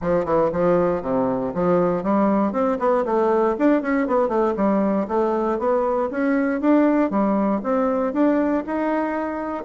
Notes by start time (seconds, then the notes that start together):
0.01 F3
0.25 E3
0.52 F3
1.02 C3
1.54 F3
2.03 G3
2.52 C4
2.79 B3
3.05 A3
3.58 D4
3.82 C#4
4.07 B3
4.28 A3
4.56 G3
5.08 A3
5.58 B3
6.10 C#4
6.61 D4
7.10 G3
7.63 C4
8.13 D4
8.66 D#4